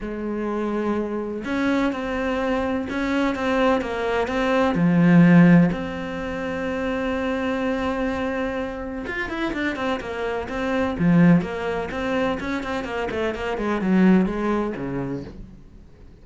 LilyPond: \new Staff \with { instrumentName = "cello" } { \time 4/4 \tempo 4 = 126 gis2. cis'4 | c'2 cis'4 c'4 | ais4 c'4 f2 | c'1~ |
c'2. f'8 e'8 | d'8 c'8 ais4 c'4 f4 | ais4 c'4 cis'8 c'8 ais8 a8 | ais8 gis8 fis4 gis4 cis4 | }